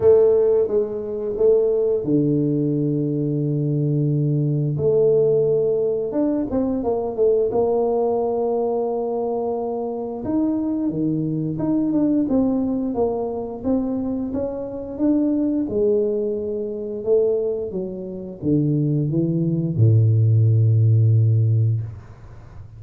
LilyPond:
\new Staff \with { instrumentName = "tuba" } { \time 4/4 \tempo 4 = 88 a4 gis4 a4 d4~ | d2. a4~ | a4 d'8 c'8 ais8 a8 ais4~ | ais2. dis'4 |
dis4 dis'8 d'8 c'4 ais4 | c'4 cis'4 d'4 gis4~ | gis4 a4 fis4 d4 | e4 a,2. | }